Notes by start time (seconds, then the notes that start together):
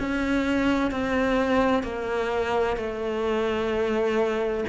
0.00 C#4
0.92 C4
1.84 A#3
2.77 A3